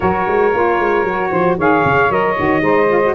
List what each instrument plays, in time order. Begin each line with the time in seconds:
0.00 tuba F#3, saxophone F#4 A#4, trumpet C#5
0.27 tuba G#3
0.53 tuba A#3, saxophone F4
0.79 tuba G#3
1.03 tuba F#3, saxophone F#4
1.30 tuba F3, saxophone C5
1.57 tuba D#3, saxophone G#4 C#5, trumpet F5
1.84 tuba C#3
2.09 tuba F#3, saxophone A#4, trumpet D#5
2.37 tuba D#3, saxophone F#4
2.60 tuba G#3, saxophone D#4 C5
2.88 saxophone F4
3.04 saxophone F#4